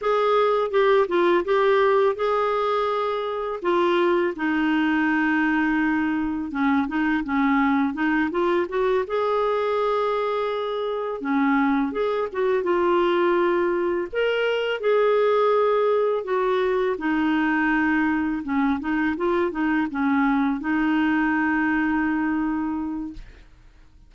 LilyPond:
\new Staff \with { instrumentName = "clarinet" } { \time 4/4 \tempo 4 = 83 gis'4 g'8 f'8 g'4 gis'4~ | gis'4 f'4 dis'2~ | dis'4 cis'8 dis'8 cis'4 dis'8 f'8 | fis'8 gis'2. cis'8~ |
cis'8 gis'8 fis'8 f'2 ais'8~ | ais'8 gis'2 fis'4 dis'8~ | dis'4. cis'8 dis'8 f'8 dis'8 cis'8~ | cis'8 dis'2.~ dis'8 | }